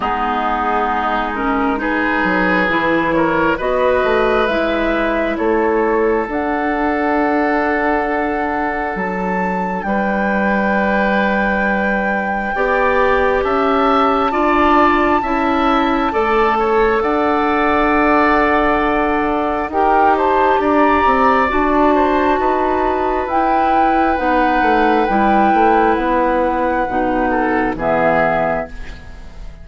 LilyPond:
<<
  \new Staff \with { instrumentName = "flute" } { \time 4/4 \tempo 4 = 67 gis'4. ais'8 b'4. cis''8 | dis''4 e''4 cis''4 fis''4~ | fis''2 a''4 g''4~ | g''2. a''4~ |
a''2. fis''4~ | fis''2 g''8 a''8 ais''4 | a''2 g''4 fis''4 | g''4 fis''2 e''4 | }
  \new Staff \with { instrumentName = "oboe" } { \time 4/4 dis'2 gis'4. ais'8 | b'2 a'2~ | a'2. b'4~ | b'2 d''4 e''4 |
d''4 e''4 d''8 cis''8 d''4~ | d''2 ais'8 c''8 d''4~ | d''8 c''8 b'2.~ | b'2~ b'8 a'8 gis'4 | }
  \new Staff \with { instrumentName = "clarinet" } { \time 4/4 b4. cis'8 dis'4 e'4 | fis'4 e'2 d'4~ | d'1~ | d'2 g'2 |
f'4 e'4 a'2~ | a'2 g'2 | fis'2 e'4 dis'4 | e'2 dis'4 b4 | }
  \new Staff \with { instrumentName = "bassoon" } { \time 4/4 gis2~ gis8 fis8 e4 | b8 a8 gis4 a4 d'4~ | d'2 fis4 g4~ | g2 b4 cis'4 |
d'4 cis'4 a4 d'4~ | d'2 dis'4 d'8 c'8 | d'4 dis'4 e'4 b8 a8 | g8 a8 b4 b,4 e4 | }
>>